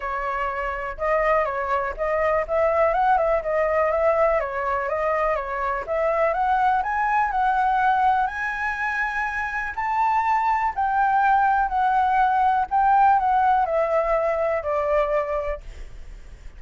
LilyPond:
\new Staff \with { instrumentName = "flute" } { \time 4/4 \tempo 4 = 123 cis''2 dis''4 cis''4 | dis''4 e''4 fis''8 e''8 dis''4 | e''4 cis''4 dis''4 cis''4 | e''4 fis''4 gis''4 fis''4~ |
fis''4 gis''2. | a''2 g''2 | fis''2 g''4 fis''4 | e''2 d''2 | }